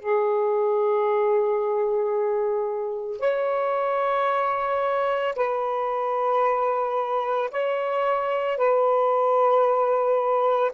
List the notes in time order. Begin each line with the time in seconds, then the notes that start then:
0.00 G#4
3.20 C#5
5.36 B4
7.51 C#5
8.58 B4